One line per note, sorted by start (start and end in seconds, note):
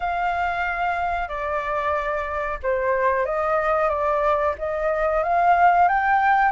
0.00 1.28 F5
1.28 2.58 D5
2.62 3.25 C5
3.25 3.89 D#5
3.89 4.54 D5
4.58 5.23 D#5
5.23 5.88 F5
5.88 6.51 G5